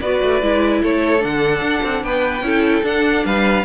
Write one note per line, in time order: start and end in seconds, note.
0.00 0.21 B3
0.00 0.42 F#4
0.00 0.82 B4
0.00 0.81 D5
0.22 0.42 A3
0.42 0.82 G#3
0.42 1.19 E4
0.82 1.23 A3
0.82 2.03 A4
0.82 1.24 C#5
1.19 1.61 D3
1.19 2.41 D4
1.19 2.03 F#5
1.61 1.81 D4
1.83 2.03 C4
2.03 2.41 B3
2.03 2.45 B4
2.03 2.85 G5
2.41 2.82 C#4
2.41 2.83 E4
2.41 3.25 A4
2.83 3.64 D4
2.83 3.23 D4
2.83 3.25 F#5
3.25 3.65 G3
3.25 3.65 B4
3.25 3.65 F5